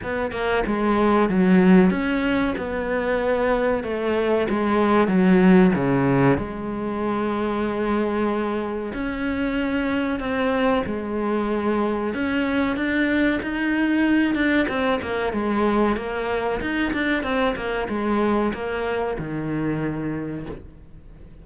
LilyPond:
\new Staff \with { instrumentName = "cello" } { \time 4/4 \tempo 4 = 94 b8 ais8 gis4 fis4 cis'4 | b2 a4 gis4 | fis4 cis4 gis2~ | gis2 cis'2 |
c'4 gis2 cis'4 | d'4 dis'4. d'8 c'8 ais8 | gis4 ais4 dis'8 d'8 c'8 ais8 | gis4 ais4 dis2 | }